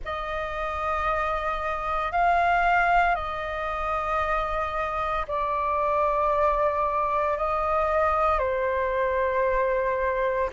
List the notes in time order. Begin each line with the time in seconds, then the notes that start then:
0.04 D#5
2.11 F5
3.15 D#5
5.27 D5
7.37 D#5
8.39 C5